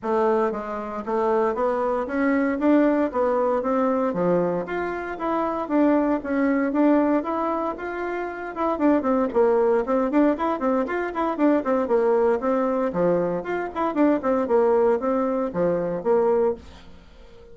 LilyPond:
\new Staff \with { instrumentName = "bassoon" } { \time 4/4 \tempo 4 = 116 a4 gis4 a4 b4 | cis'4 d'4 b4 c'4 | f4 f'4 e'4 d'4 | cis'4 d'4 e'4 f'4~ |
f'8 e'8 d'8 c'8 ais4 c'8 d'8 | e'8 c'8 f'8 e'8 d'8 c'8 ais4 | c'4 f4 f'8 e'8 d'8 c'8 | ais4 c'4 f4 ais4 | }